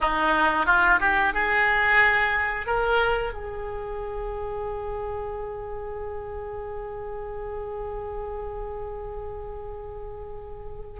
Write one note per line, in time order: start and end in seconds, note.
0.01 0.66 D#4
0.66 0.99 F4
1.00 1.33 G4
1.33 2.66 G#4
2.66 3.33 A#4
3.33 11.00 G#4